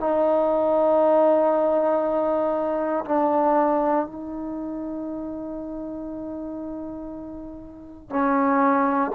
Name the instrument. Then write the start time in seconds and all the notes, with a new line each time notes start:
trombone
0.00 D#4
3.05 D4
4.06 D#4
8.10 C#4